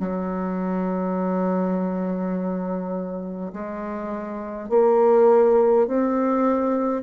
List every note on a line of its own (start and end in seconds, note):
0.00 3.53 F#3
3.53 4.70 G#3
4.70 5.88 A#3
5.88 7.03 C4